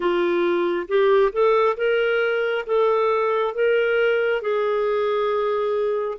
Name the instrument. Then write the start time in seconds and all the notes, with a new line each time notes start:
clarinet
0.00 F4
0.87 G4
1.32 A4
1.76 A#4
2.66 A4
3.54 A#4
4.41 G#4